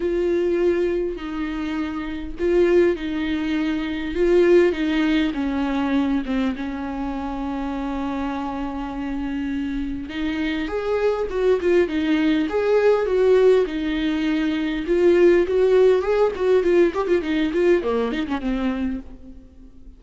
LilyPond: \new Staff \with { instrumentName = "viola" } { \time 4/4 \tempo 4 = 101 f'2 dis'2 | f'4 dis'2 f'4 | dis'4 cis'4. c'8 cis'4~ | cis'1~ |
cis'4 dis'4 gis'4 fis'8 f'8 | dis'4 gis'4 fis'4 dis'4~ | dis'4 f'4 fis'4 gis'8 fis'8 | f'8 g'16 f'16 dis'8 f'8 ais8 dis'16 cis'16 c'4 | }